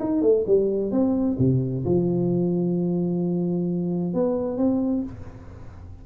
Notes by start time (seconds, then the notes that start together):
0.00 D#4
0.22 A3
0.47 G3
0.91 C4
1.39 C3
1.85 F3
4.14 B3
4.57 C4